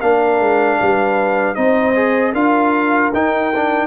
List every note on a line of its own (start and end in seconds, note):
0.00 0.39 A#3
0.00 1.56 D4
0.00 0.78 A#4
0.00 1.55 F5
0.39 0.78 G#3
0.79 1.57 G3
0.79 1.56 B4
1.55 2.33 C4
1.55 1.94 D#4
1.55 2.32 C5
1.55 2.33 D#5
1.95 2.34 G#4
2.32 3.11 D4
2.32 3.12 F4
2.32 3.87 A#4
2.32 3.12 F5
3.12 3.87 D#4
3.12 3.53 D#4
3.12 3.87 G5
3.55 3.87 D4